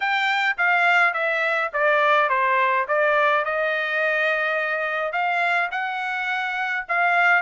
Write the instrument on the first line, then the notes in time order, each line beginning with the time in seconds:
trumpet
0.00 G5
0.57 F5
1.13 E5
1.73 D5
2.29 C5
2.88 D5
3.44 D#5
5.12 F5
5.71 F#5
6.88 F5